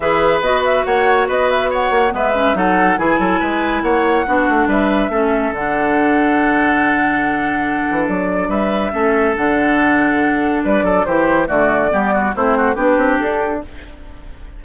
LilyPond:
<<
  \new Staff \with { instrumentName = "flute" } { \time 4/4 \tempo 4 = 141 e''4 dis''8 e''8 fis''4 dis''8 e''8 | fis''4 e''4 fis''4 gis''4~ | gis''4 fis''2 e''4~ | e''4 fis''2.~ |
fis''2. d''4 | e''2 fis''2~ | fis''4 d''4 c''4 d''4~ | d''4 c''4 b'4 a'4 | }
  \new Staff \with { instrumentName = "oboe" } { \time 4/4 b'2 cis''4 b'4 | cis''4 b'4 a'4 gis'8 a'8 | b'4 cis''4 fis'4 b'4 | a'1~ |
a'1 | b'4 a'2.~ | a'4 b'8 a'8 g'4 fis'4 | g'8 fis'8 e'8 fis'8 g'2 | }
  \new Staff \with { instrumentName = "clarinet" } { \time 4/4 gis'4 fis'2.~ | fis'4 b8 cis'8 dis'4 e'4~ | e'2 d'2 | cis'4 d'2.~ |
d'1~ | d'4 cis'4 d'2~ | d'2 e'4 a4 | b4 c'4 d'2 | }
  \new Staff \with { instrumentName = "bassoon" } { \time 4/4 e4 b4 ais4 b4~ | b8 ais8 gis4 fis4 e8 fis8 | gis4 ais4 b8 a8 g4 | a4 d2.~ |
d2~ d8 e8 fis4 | g4 a4 d2~ | d4 g8 fis8 e4 d4 | g4 a4 b8 c'8 d'4 | }
>>